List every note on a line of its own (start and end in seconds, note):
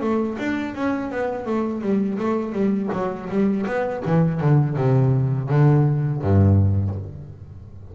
0.00 0.37 A3
0.38 0.74 D4
0.74 1.11 C#4
1.11 1.46 B3
1.46 1.81 A3
1.81 2.18 G3
2.18 2.52 A3
2.52 2.89 G3
2.92 3.29 F#3
3.29 3.66 G3
3.66 4.03 B3
4.05 4.40 E3
4.40 4.76 D3
4.76 5.48 C3
5.48 6.21 D3
6.21 6.94 G2